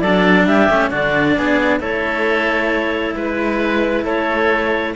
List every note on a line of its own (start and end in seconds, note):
0.00 0.46 F#3
0.00 0.46 A4
0.00 0.45 D5
0.06 0.69 D4
0.46 0.68 G3
0.46 0.89 G4
0.46 0.91 E5
0.69 0.91 A3
0.69 0.90 C#4
0.89 1.37 D3
0.89 1.79 D4
0.89 1.34 F#4
0.89 1.80 D5
1.37 1.80 B3
1.37 1.80 G#4
1.79 3.14 A3
1.79 4.93 E4
1.79 3.14 A4
1.79 3.15 C#5
3.15 4.05 G#3
3.15 4.05 B4
3.15 4.04 B4
4.04 4.94 A3
4.04 4.94 A4
4.04 4.95 C#5